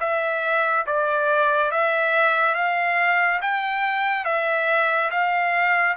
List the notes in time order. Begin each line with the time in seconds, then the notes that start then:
0.00 E5
0.86 D5
1.71 E5
2.55 F5
3.42 G5
4.25 E5
5.11 F5